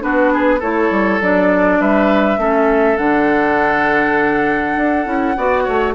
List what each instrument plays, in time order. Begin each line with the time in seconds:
0.00 bassoon B3, clarinet D4, oboe F#4, flute B4
0.33 oboe G#4
0.60 bassoon A3, clarinet E4, oboe A4, flute C#5
0.91 bassoon G3
1.21 bassoon F#3, clarinet D4, flute D5
1.80 bassoon G3, oboe B4, flute E5
2.37 bassoon A3, clarinet C#4, oboe A4
2.97 bassoon D3, clarinet D4, flute F#5
4.76 bassoon D4
5.05 bassoon C#4, clarinet E4
5.37 bassoon B3, clarinet F#4, oboe D5
5.63 bassoon A3, oboe C#5